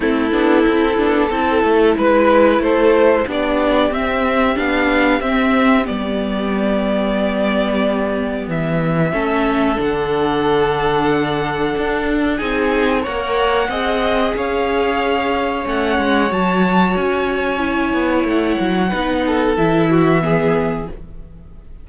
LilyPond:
<<
  \new Staff \with { instrumentName = "violin" } { \time 4/4 \tempo 4 = 92 a'2. b'4 | c''4 d''4 e''4 f''4 | e''4 d''2.~ | d''4 e''2 fis''4~ |
fis''2. gis''4 | fis''2 f''2 | fis''4 a''4 gis''2 | fis''2 e''2 | }
  \new Staff \with { instrumentName = "violin" } { \time 4/4 e'2 a'4 b'4 | a'4 g'2.~ | g'1~ | g'2 a'2~ |
a'2. gis'4 | cis''4 dis''4 cis''2~ | cis''1~ | cis''4 b'8 a'4 fis'8 gis'4 | }
  \new Staff \with { instrumentName = "viola" } { \time 4/4 c'8 d'8 e'8 d'8 e'2~ | e'4 d'4 c'4 d'4 | c'4 b2.~ | b2 cis'4 d'4~ |
d'2. dis'4 | ais'4 gis'2. | cis'4 fis'2 e'4~ | e'4 dis'4 e'4 b4 | }
  \new Staff \with { instrumentName = "cello" } { \time 4/4 a8 b8 c'8 b8 c'8 a8 gis4 | a4 b4 c'4 b4 | c'4 g2.~ | g4 e4 a4 d4~ |
d2 d'4 c'4 | ais4 c'4 cis'2 | a8 gis8 fis4 cis'4. b8 | a8 fis8 b4 e2 | }
>>